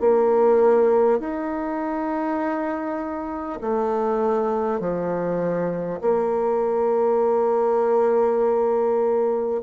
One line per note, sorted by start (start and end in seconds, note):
0.00 1.19 A#3
1.19 3.59 D#4
3.62 4.80 A3
4.80 6.00 F3
6.02 9.62 A#3